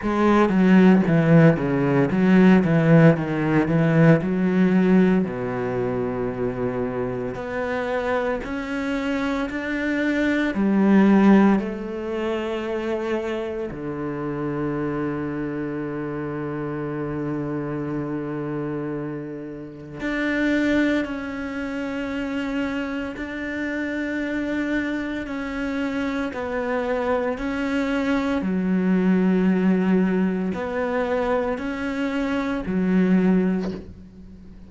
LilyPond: \new Staff \with { instrumentName = "cello" } { \time 4/4 \tempo 4 = 57 gis8 fis8 e8 cis8 fis8 e8 dis8 e8 | fis4 b,2 b4 | cis'4 d'4 g4 a4~ | a4 d2.~ |
d2. d'4 | cis'2 d'2 | cis'4 b4 cis'4 fis4~ | fis4 b4 cis'4 fis4 | }